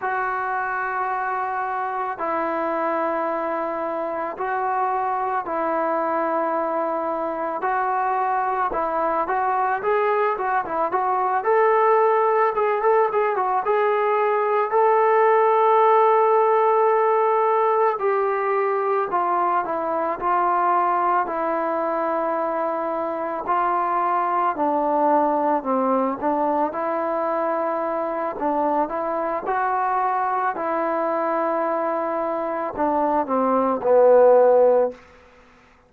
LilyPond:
\new Staff \with { instrumentName = "trombone" } { \time 4/4 \tempo 4 = 55 fis'2 e'2 | fis'4 e'2 fis'4 | e'8 fis'8 gis'8 fis'16 e'16 fis'8 a'4 gis'16 a'16 | gis'16 fis'16 gis'4 a'2~ a'8~ |
a'8 g'4 f'8 e'8 f'4 e'8~ | e'4. f'4 d'4 c'8 | d'8 e'4. d'8 e'8 fis'4 | e'2 d'8 c'8 b4 | }